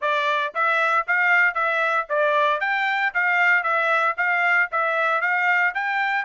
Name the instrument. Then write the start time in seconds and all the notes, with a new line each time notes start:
trumpet
0.01 D5
0.54 E5
1.07 F5
1.54 E5
2.09 D5
2.60 G5
3.14 F5
3.63 E5
4.17 F5
4.71 E5
5.21 F5
5.74 G5